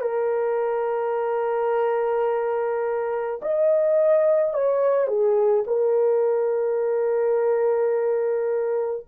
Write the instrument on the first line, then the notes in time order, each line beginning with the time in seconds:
horn
0.00 A#4
3.42 D#5
4.53 C#5
5.07 G#4
5.67 A#4